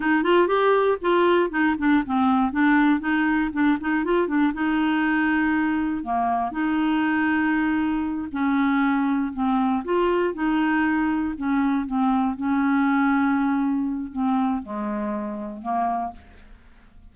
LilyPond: \new Staff \with { instrumentName = "clarinet" } { \time 4/4 \tempo 4 = 119 dis'8 f'8 g'4 f'4 dis'8 d'8 | c'4 d'4 dis'4 d'8 dis'8 | f'8 d'8 dis'2. | ais4 dis'2.~ |
dis'8 cis'2 c'4 f'8~ | f'8 dis'2 cis'4 c'8~ | c'8 cis'2.~ cis'8 | c'4 gis2 ais4 | }